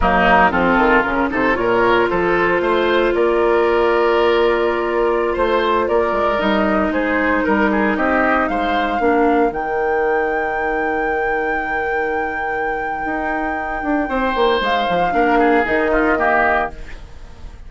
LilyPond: <<
  \new Staff \with { instrumentName = "flute" } { \time 4/4 \tempo 4 = 115 ais'4 a'4 ais'8 c''8 cis''4 | c''2 d''2~ | d''2~ d''16 c''4 d''8.~ | d''16 dis''4 c''4 ais'4 dis''8.~ |
dis''16 f''2 g''4.~ g''16~ | g''1~ | g''1 | f''2 dis''2 | }
  \new Staff \with { instrumentName = "oboe" } { \time 4/4 dis'4 f'4. a'8 ais'4 | a'4 c''4 ais'2~ | ais'2~ ais'16 c''4 ais'8.~ | ais'4~ ais'16 gis'4 ais'8 gis'8 g'8.~ |
g'16 c''4 ais'2~ ais'8.~ | ais'1~ | ais'2. c''4~ | c''4 ais'8 gis'4 f'8 g'4 | }
  \new Staff \with { instrumentName = "clarinet" } { \time 4/4 ais4 c'4 cis'8 dis'8 f'4~ | f'1~ | f'1~ | f'16 dis'2.~ dis'8.~ |
dis'4~ dis'16 d'4 dis'4.~ dis'16~ | dis'1~ | dis'1~ | dis'4 d'4 dis'4 ais4 | }
  \new Staff \with { instrumentName = "bassoon" } { \time 4/4 fis4 f8 dis8 cis8 c8 ais,4 | f4 a4 ais2~ | ais2~ ais16 a4 ais8 gis16~ | gis16 g4 gis4 g4 c'8.~ |
c'16 gis4 ais4 dis4.~ dis16~ | dis1~ | dis4 dis'4. d'8 c'8 ais8 | gis8 f8 ais4 dis2 | }
>>